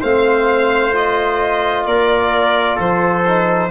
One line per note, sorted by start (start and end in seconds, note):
0.00 1.85 A3
0.00 0.92 C4
0.00 1.85 C5
0.00 0.95 F5
0.92 3.23 F4
0.92 1.86 D#5
1.85 2.78 A#3
1.85 2.76 A#4
1.85 2.78 D5
2.76 3.70 F3
2.76 3.68 A4
2.76 3.70 C5
3.27 3.70 D#4